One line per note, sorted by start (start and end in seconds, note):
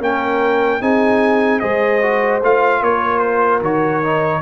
0.00 0.80 A#3
0.00 0.81 C#4
0.00 0.81 A#4
0.00 0.82 G5
0.81 1.61 C4
0.81 1.61 D#4
0.81 1.61 G#4
0.81 1.60 G#5
1.60 2.42 G#3
1.60 2.01 G#4
1.60 2.81 C5
1.60 2.40 D#5
2.02 2.42 F#4
2.42 2.81 A3
2.42 3.63 F4
2.42 2.83 F5
2.81 3.61 A#3
2.81 4.42 A#4
2.81 3.19 C#5
3.19 3.59 C5
3.61 4.41 D#3
3.61 4.03 F#4
3.61 4.42 C#5
4.03 4.42 D#4